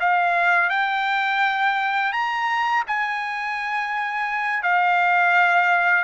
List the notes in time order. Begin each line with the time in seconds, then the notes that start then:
0.00 F5
0.69 G5
2.12 A#5
2.87 G#5
4.63 F5